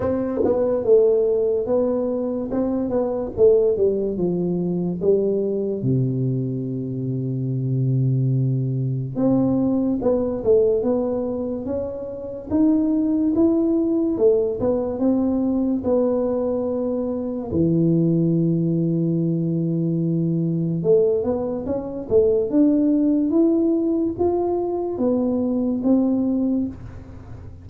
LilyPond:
\new Staff \with { instrumentName = "tuba" } { \time 4/4 \tempo 4 = 72 c'8 b8 a4 b4 c'8 b8 | a8 g8 f4 g4 c4~ | c2. c'4 | b8 a8 b4 cis'4 dis'4 |
e'4 a8 b8 c'4 b4~ | b4 e2.~ | e4 a8 b8 cis'8 a8 d'4 | e'4 f'4 b4 c'4 | }